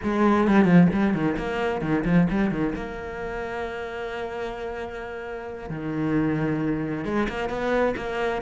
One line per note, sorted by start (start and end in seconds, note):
0.03 0.47 G#3
0.47 0.65 G3
0.65 0.87 F3
0.93 1.13 G3
1.13 1.36 D#3
1.37 1.81 A#3
1.81 2.04 D#3
2.04 2.27 F3
2.30 2.50 G3
2.50 2.73 D#3
2.75 5.69 A#3
5.69 7.05 D#3
7.05 7.27 G#3
7.28 7.49 A#3
7.49 7.94 B3
7.96 8.42 A#3